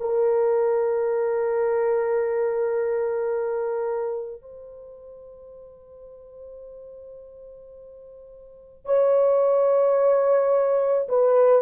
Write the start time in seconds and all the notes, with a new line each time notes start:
0.00 A#4
4.42 C5
8.86 C#5
11.09 B4